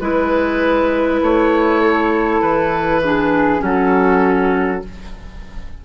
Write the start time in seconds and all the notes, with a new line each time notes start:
0.00 G#3 E4 B4
1.22 A3 C#5
1.81 A4
2.41 E3 B4
3.04 D4 G#4
3.60 F#3 C#4 F#4 A4